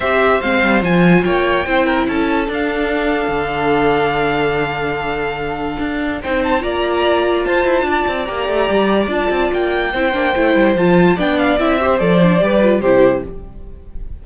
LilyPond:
<<
  \new Staff \with { instrumentName = "violin" } { \time 4/4 \tempo 4 = 145 e''4 f''4 gis''4 g''4~ | g''4 a''4 f''2~ | f''1~ | f''2. g''8 a''8 |
ais''2 a''2 | ais''2 a''4 g''4~ | g''2 a''4 g''8 f''8 | e''4 d''2 c''4 | }
  \new Staff \with { instrumentName = "violin" } { \time 4/4 c''2. cis''4 | c''8 ais'8 a'2.~ | a'1~ | a'2. c''4 |
d''2 c''4 d''4~ | d''1 | c''2. d''4~ | d''8 c''4. b'4 g'4 | }
  \new Staff \with { instrumentName = "viola" } { \time 4/4 g'4 c'4 f'2 | e'2 d'2~ | d'1~ | d'2. dis'4 |
f'1 | g'2 f'2 | e'8 d'8 e'4 f'4 d'4 | e'8 g'8 a'8 d'8 g'8 f'8 e'4 | }
  \new Staff \with { instrumentName = "cello" } { \time 4/4 c'4 gis8 g8 f4 ais4 | c'4 cis'4 d'2 | d1~ | d2 d'4 c'4 |
ais2 f'8 e'8 d'8 c'8 | ais8 a8 g4 d'8 c'8 ais4 | c'8 ais8 a8 g8 f4 b4 | c'4 f4 g4 c4 | }
>>